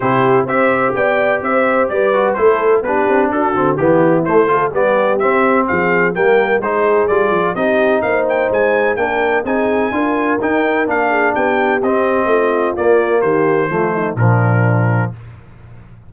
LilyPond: <<
  \new Staff \with { instrumentName = "trumpet" } { \time 4/4 \tempo 4 = 127 c''4 e''4 g''4 e''4 | d''4 c''4 b'4 a'4 | g'4 c''4 d''4 e''4 | f''4 g''4 c''4 d''4 |
dis''4 f''8 g''8 gis''4 g''4 | gis''2 g''4 f''4 | g''4 dis''2 d''4 | c''2 ais'2 | }
  \new Staff \with { instrumentName = "horn" } { \time 4/4 g'4 c''4 d''4 c''4 | b'4 a'4 g'4 fis'4 | e'4. a'8 g'2 | gis'4 ais'4 gis'2 |
g'4 c''2 ais'4 | gis'4 ais'2~ ais'8 gis'8 | g'2 f'2 | g'4 f'8 dis'8 d'2 | }
  \new Staff \with { instrumentName = "trombone" } { \time 4/4 e'4 g'2.~ | g'8 fis'8 e'4 d'4. c'8 | b4 a8 f'8 b4 c'4~ | c'4 ais4 dis'4 f'4 |
dis'2. d'4 | dis'4 f'4 dis'4 d'4~ | d'4 c'2 ais4~ | ais4 a4 f2 | }
  \new Staff \with { instrumentName = "tuba" } { \time 4/4 c4 c'4 b4 c'4 | g4 a4 b8 c'8 d'8 d8 | e4 a4 g4 c'4 | f4 g4 gis4 g8 f8 |
c'4 ais4 gis4 ais4 | c'4 d'4 dis'4 ais4 | b4 c'4 a4 ais4 | dis4 f4 ais,2 | }
>>